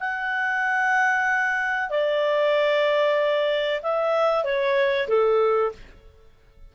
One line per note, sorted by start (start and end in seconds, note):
0.00 1.90 F#5
1.90 3.81 D5
3.83 4.44 E5
4.44 5.08 C#5
5.09 5.72 A4